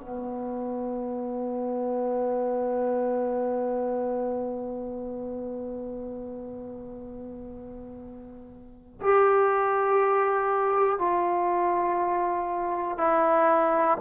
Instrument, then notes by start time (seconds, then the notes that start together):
trombone
0.00 B3
9.00 G4
10.99 F4
12.97 E4